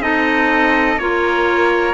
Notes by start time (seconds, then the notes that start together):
0.00 C4 D#4 A4 D#5
0.96 A#3 F4 A#4 C#5